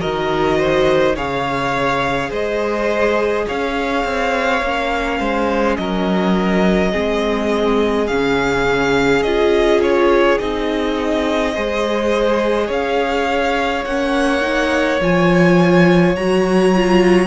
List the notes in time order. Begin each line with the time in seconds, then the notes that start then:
0.00 D#3 F#4 A#4 D#5
0.58 C5
1.16 C#3 G#4 C#5 F5
2.30 G#3 C5 D#5
3.47 C#4 C#5 F5
4.05 C4
4.62 A#3 C#4
5.19 G#3 C5
5.77 F#3 A#4 D#5
6.92 G#3 C4 G#4
8.07 C#3 C#4 F5
9.22 C#4 F4 D#5
9.82 C#5
10.39 C4 D#4 D#5
11.55 G#3 G#4 C5
12.67 C#4 C#5 F5
13.85 A#3 C#4 F#5
14.42 D#4
15.01 F3 F4 G#5
16.16 F#3 F#4 A#5
16.76 F4